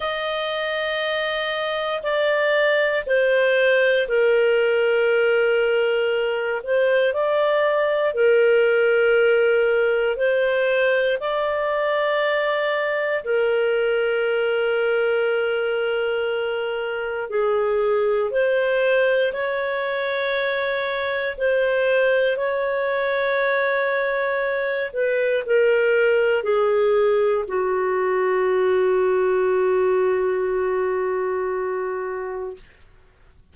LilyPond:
\new Staff \with { instrumentName = "clarinet" } { \time 4/4 \tempo 4 = 59 dis''2 d''4 c''4 | ais'2~ ais'8 c''8 d''4 | ais'2 c''4 d''4~ | d''4 ais'2.~ |
ais'4 gis'4 c''4 cis''4~ | cis''4 c''4 cis''2~ | cis''8 b'8 ais'4 gis'4 fis'4~ | fis'1 | }